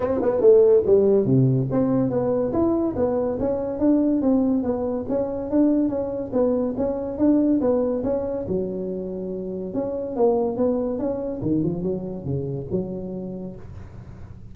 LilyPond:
\new Staff \with { instrumentName = "tuba" } { \time 4/4 \tempo 4 = 142 c'8 b8 a4 g4 c4 | c'4 b4 e'4 b4 | cis'4 d'4 c'4 b4 | cis'4 d'4 cis'4 b4 |
cis'4 d'4 b4 cis'4 | fis2. cis'4 | ais4 b4 cis'4 dis8 f8 | fis4 cis4 fis2 | }